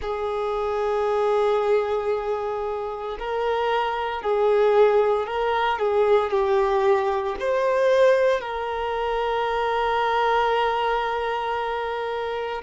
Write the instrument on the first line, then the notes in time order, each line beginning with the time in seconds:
violin
0.01 G#4
3.19 A#4
4.22 G#4
5.26 A#4
5.78 G#4
6.30 G4
7.39 C5
8.41 A#4